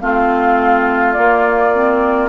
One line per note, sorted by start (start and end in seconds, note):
0.00 1.16 A3
0.00 1.15 C4
0.00 2.29 F4
0.00 1.12 F5
1.12 1.73 A#3
1.12 2.29 A#3
1.12 2.28 D5
1.73 2.29 C4